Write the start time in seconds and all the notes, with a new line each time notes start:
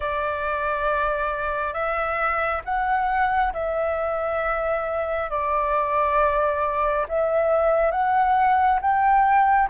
0.00 D5
1.73 E5
2.64 F#5
3.53 E5
5.29 D5
7.08 E5
7.91 F#5
8.81 G5